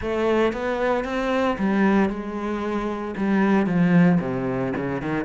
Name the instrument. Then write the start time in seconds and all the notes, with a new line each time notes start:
cello
0.01 A3
0.52 B3
1.04 C4
1.58 G3
2.09 G#3
3.16 G3
3.66 F3
4.20 C3
4.76 C#3
5.01 D#3